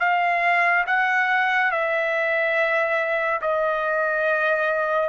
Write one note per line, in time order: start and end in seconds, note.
0.00 0.85 F5
0.87 1.71 F#5
1.72 3.41 E5
3.41 5.09 D#5